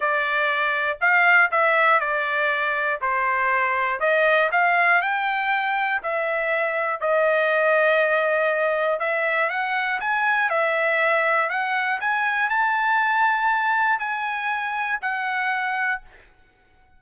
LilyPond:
\new Staff \with { instrumentName = "trumpet" } { \time 4/4 \tempo 4 = 120 d''2 f''4 e''4 | d''2 c''2 | dis''4 f''4 g''2 | e''2 dis''2~ |
dis''2 e''4 fis''4 | gis''4 e''2 fis''4 | gis''4 a''2. | gis''2 fis''2 | }